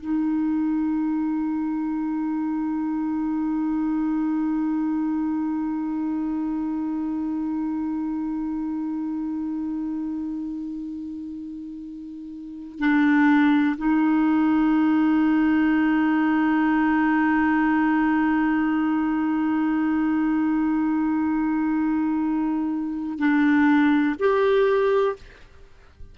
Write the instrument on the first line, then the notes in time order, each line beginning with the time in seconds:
clarinet
0.00 D#4
12.79 D4
13.77 D#4
23.19 D4
24.19 G4